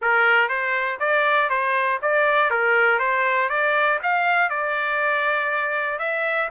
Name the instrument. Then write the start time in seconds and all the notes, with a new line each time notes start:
trumpet
0.01 A#4
0.49 C5
0.99 D5
1.49 C5
2.02 D5
2.50 A#4
2.99 C5
3.49 D5
4.02 F5
4.49 D5
5.98 E5